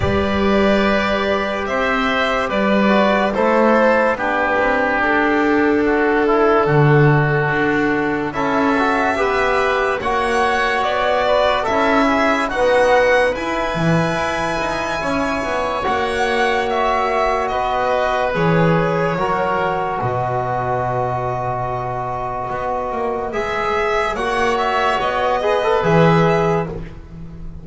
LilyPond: <<
  \new Staff \with { instrumentName = "violin" } { \time 4/4 \tempo 4 = 72 d''2 e''4 d''4 | c''4 b'4 a'2~ | a'2 e''2 | fis''4 d''4 e''4 fis''4 |
gis''2. fis''4 | e''4 dis''4 cis''2 | dis''1 | e''4 fis''8 e''8 dis''4 e''4 | }
  \new Staff \with { instrumentName = "oboe" } { \time 4/4 b'2 c''4 b'4 | a'4 g'2 fis'8 e'8 | fis'2 a'4 b'4 | cis''4. b'8 a'8 gis'8 fis'4 |
b'2 cis''2~ | cis''4 b'2 ais'4 | b'1~ | b'4 cis''4. b'4. | }
  \new Staff \with { instrumentName = "trombone" } { \time 4/4 g'2.~ g'8 fis'8 | e'4 d'2.~ | d'2 e'8 fis'8 g'4 | fis'2 e'4 b4 |
e'2. fis'4~ | fis'2 gis'4 fis'4~ | fis'1 | gis'4 fis'4. gis'16 a'16 gis'4 | }
  \new Staff \with { instrumentName = "double bass" } { \time 4/4 g2 c'4 g4 | a4 b8 c'8 d'2 | d4 d'4 cis'4 b4 | ais4 b4 cis'4 dis'4 |
e'8 e8 e'8 dis'8 cis'8 b8 ais4~ | ais4 b4 e4 fis4 | b,2. b8 ais8 | gis4 ais4 b4 e4 | }
>>